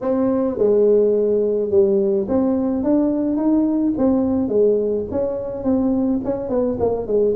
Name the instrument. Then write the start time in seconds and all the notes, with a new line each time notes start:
tuba
0.01 C4
0.58 G#3
1.70 G3
2.28 C4
2.83 D4
3.36 D#4
3.97 C4
4.48 G#3
5.11 C#4
5.63 C4
6.24 C#4
6.49 B3
6.79 A#3
7.06 G#3